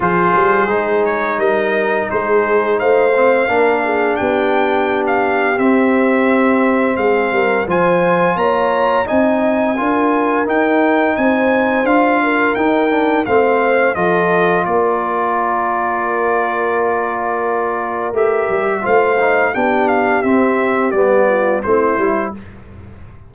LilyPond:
<<
  \new Staff \with { instrumentName = "trumpet" } { \time 4/4 \tempo 4 = 86 c''4. cis''8 dis''4 c''4 | f''2 g''4~ g''16 f''8. | e''2 f''4 gis''4 | ais''4 gis''2 g''4 |
gis''4 f''4 g''4 f''4 | dis''4 d''2.~ | d''2 e''4 f''4 | g''8 f''8 e''4 d''4 c''4 | }
  \new Staff \with { instrumentName = "horn" } { \time 4/4 gis'2 ais'4 gis'4 | c''4 ais'8 gis'8 g'2~ | g'2 gis'8 ais'8 c''4 | cis''4 dis''4 ais'2 |
c''4. ais'4. c''4 | a'4 ais'2.~ | ais'2. c''4 | g'2~ g'8 f'8 e'4 | }
  \new Staff \with { instrumentName = "trombone" } { \time 4/4 f'4 dis'2.~ | dis'8 c'8 d'2. | c'2. f'4~ | f'4 dis'4 f'4 dis'4~ |
dis'4 f'4 dis'8 d'8 c'4 | f'1~ | f'2 g'4 f'8 dis'8 | d'4 c'4 b4 c'8 e'8 | }
  \new Staff \with { instrumentName = "tuba" } { \time 4/4 f8 g8 gis4 g4 gis4 | a4 ais4 b2 | c'2 gis8 g8 f4 | ais4 c'4 d'4 dis'4 |
c'4 d'4 dis'4 a4 | f4 ais2.~ | ais2 a8 g8 a4 | b4 c'4 g4 a8 g8 | }
>>